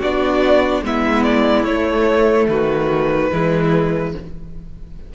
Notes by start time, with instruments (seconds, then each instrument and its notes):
0.00 cello B3, viola D4, violin F#4 D5
0.83 cello G#3, viola B3, violin E4 E5
1.24 violin D5
1.65 cello A3, viola A3, violin C#5
2.48 cello D#3, violin F#4 B4
3.31 cello E3, viola G#3, violin E4